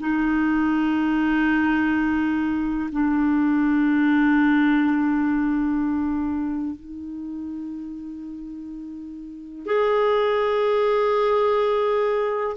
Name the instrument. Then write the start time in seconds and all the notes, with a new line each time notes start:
clarinet
0.00 D#4
2.92 D4
6.76 D#4
9.66 G#4